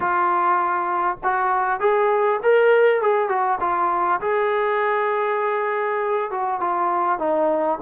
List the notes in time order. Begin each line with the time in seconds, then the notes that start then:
0.00 F4
1.23 F#4
1.80 G#4
2.42 A#4
3.01 G#4
3.28 F#4
3.60 F4
4.20 G#4
6.31 F#4
6.60 F4
7.18 D#4